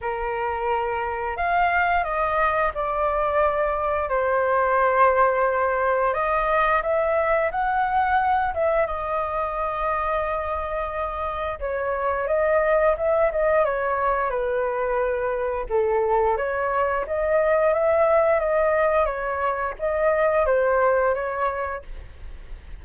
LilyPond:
\new Staff \with { instrumentName = "flute" } { \time 4/4 \tempo 4 = 88 ais'2 f''4 dis''4 | d''2 c''2~ | c''4 dis''4 e''4 fis''4~ | fis''8 e''8 dis''2.~ |
dis''4 cis''4 dis''4 e''8 dis''8 | cis''4 b'2 a'4 | cis''4 dis''4 e''4 dis''4 | cis''4 dis''4 c''4 cis''4 | }